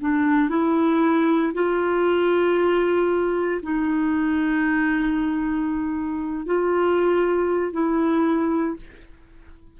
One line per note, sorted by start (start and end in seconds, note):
0.00 0.49 D4
0.49 1.52 E4
1.53 3.60 F4
3.62 6.46 D#4
6.46 7.72 F4
7.72 8.76 E4